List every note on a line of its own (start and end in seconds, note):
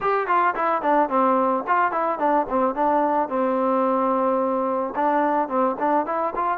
0.00 0.27 G4
0.27 0.54 F4
0.55 0.82 E4
0.82 1.09 D4
1.09 1.64 C4
1.67 1.91 F4
1.91 2.18 E4
2.18 2.46 D4
2.49 2.74 C4
2.74 3.29 D4
3.29 4.94 C4
4.95 5.48 D4
5.48 5.76 C4
5.79 6.06 D4
6.06 6.33 E4
6.35 6.58 F4